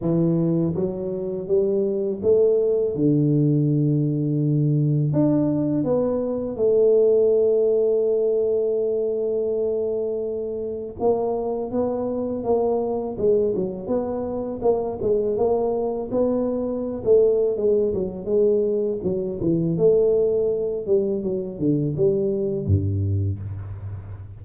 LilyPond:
\new Staff \with { instrumentName = "tuba" } { \time 4/4 \tempo 4 = 82 e4 fis4 g4 a4 | d2. d'4 | b4 a2.~ | a2. ais4 |
b4 ais4 gis8 fis8 b4 | ais8 gis8 ais4 b4~ b16 a8. | gis8 fis8 gis4 fis8 e8 a4~ | a8 g8 fis8 d8 g4 g,4 | }